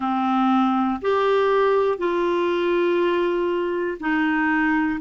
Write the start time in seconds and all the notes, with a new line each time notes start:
0.00 C4
1.01 G4
1.97 F4
4.00 D#4